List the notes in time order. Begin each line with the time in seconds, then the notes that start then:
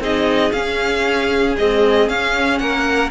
0.00 C4 D#4 G#4 D#5
0.52 C#4 F5
1.57 G#3 C4 D#5
2.07 C#4 F5
2.58 A#3 A#4 F#5